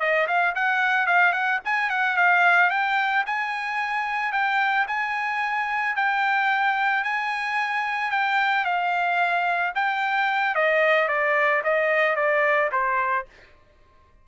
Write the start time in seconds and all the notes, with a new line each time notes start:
0.00 D#5
0.28 F5
0.55 F#5
1.07 F5
1.33 F#5
1.65 G#5
1.90 F#5
2.17 F5
2.71 G5
3.27 G#5
4.32 G5
4.88 G#5
5.96 G5
7.04 G#5
8.11 G5
8.65 F5
9.75 G5
10.55 D#5
11.08 D5
11.64 D#5
12.16 D5
12.72 C5